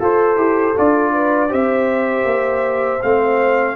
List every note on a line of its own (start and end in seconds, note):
0.00 0.37 F4
0.00 0.37 A4
0.00 1.14 A4
0.00 0.78 C5
0.37 0.74 E4
0.37 0.74 G4
0.76 1.53 D4
0.76 1.49 F4
0.76 1.53 D5
1.14 1.49 B4
1.49 2.24 C4
1.49 2.99 G4
1.49 3.74 C5
1.49 3.02 E5
2.24 2.99 A#3
3.02 3.76 A3
3.02 3.76 C4
3.02 3.76 F5